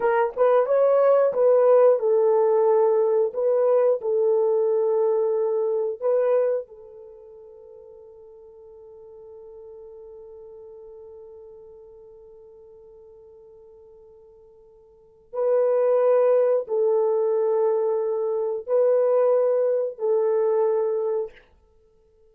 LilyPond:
\new Staff \with { instrumentName = "horn" } { \time 4/4 \tempo 4 = 90 ais'8 b'8 cis''4 b'4 a'4~ | a'4 b'4 a'2~ | a'4 b'4 a'2~ | a'1~ |
a'1~ | a'2. b'4~ | b'4 a'2. | b'2 a'2 | }